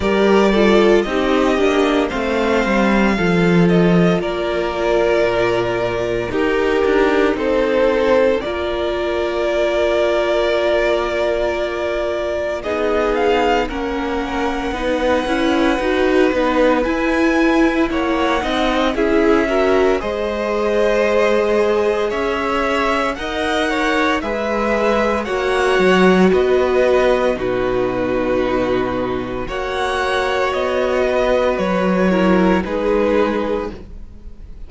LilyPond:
<<
  \new Staff \with { instrumentName = "violin" } { \time 4/4 \tempo 4 = 57 d''4 dis''4 f''4. dis''8 | d''2 ais'4 c''4 | d''1 | dis''8 f''8 fis''2. |
gis''4 fis''4 e''4 dis''4~ | dis''4 e''4 fis''4 e''4 | fis''4 dis''4 b'2 | fis''4 dis''4 cis''4 b'4 | }
  \new Staff \with { instrumentName = "violin" } { \time 4/4 ais'8 a'8 g'4 c''4 a'4 | ais'2 g'4 a'4 | ais'1 | gis'4 ais'4 b'2~ |
b'4 cis''8 dis''8 gis'8 ais'8 c''4~ | c''4 cis''4 dis''8 cis''8 b'4 | cis''4 b'4 fis'2 | cis''4. b'4 ais'8 gis'4 | }
  \new Staff \with { instrumentName = "viola" } { \time 4/4 g'8 f'8 dis'8 d'8 c'4 f'4~ | f'2 dis'2 | f'1 | dis'4 cis'4 dis'8 e'8 fis'8 dis'8 |
e'4. dis'8 e'8 fis'8 gis'4~ | gis'2 ais'4 gis'4 | fis'2 dis'2 | fis'2~ fis'8 e'8 dis'4 | }
  \new Staff \with { instrumentName = "cello" } { \time 4/4 g4 c'8 ais8 a8 g8 f4 | ais4 ais,4 dis'8 d'8 c'4 | ais1 | b4 ais4 b8 cis'8 dis'8 b8 |
e'4 ais8 c'8 cis'4 gis4~ | gis4 cis'4 dis'4 gis4 | ais8 fis8 b4 b,2 | ais4 b4 fis4 gis4 | }
>>